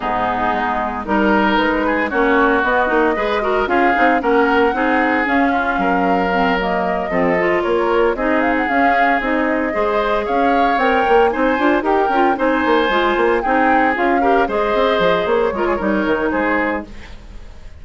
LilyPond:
<<
  \new Staff \with { instrumentName = "flute" } { \time 4/4 \tempo 4 = 114 gis'2 ais'4 b'4 | cis''4 dis''2 f''4 | fis''2 f''2~ | f''8 dis''2 cis''4 dis''8 |
f''16 fis''16 f''4 dis''2 f''8~ | f''8 g''4 gis''4 g''4 gis''8~ | gis''4. g''4 f''4 dis''8~ | dis''4 cis''2 c''4 | }
  \new Staff \with { instrumentName = "oboe" } { \time 4/4 dis'2 ais'4. gis'8 | fis'2 b'8 ais'8 gis'4 | ais'4 gis'4. f'8 ais'4~ | ais'4. a'4 ais'4 gis'8~ |
gis'2~ gis'8 c''4 cis''8~ | cis''4. c''4 ais'4 c''8~ | c''4. gis'4. ais'8 c''8~ | c''4. ais'16 gis'16 ais'4 gis'4 | }
  \new Staff \with { instrumentName = "clarinet" } { \time 4/4 b2 dis'2 | cis'4 b8 dis'8 gis'8 fis'8 f'8 dis'8 | cis'4 dis'4 cis'2 | c'8 ais4 c'8 f'4. dis'8~ |
dis'8 cis'4 dis'4 gis'4.~ | gis'8 ais'4 dis'8 f'8 g'8 f'8 dis'8~ | dis'8 f'4 dis'4 f'8 g'8 gis'8~ | gis'4. f'8 dis'2 | }
  \new Staff \with { instrumentName = "bassoon" } { \time 4/4 gis,4 gis4 g4 gis4 | ais4 b8 ais8 gis4 cis'8 c'8 | ais4 c'4 cis'4 fis4~ | fis4. f4 ais4 c'8~ |
c'8 cis'4 c'4 gis4 cis'8~ | cis'8 c'8 ais8 c'8 d'8 dis'8 cis'8 c'8 | ais8 gis8 ais8 c'4 cis'4 gis8 | c'8 f8 ais8 gis8 g8 dis8 gis4 | }
>>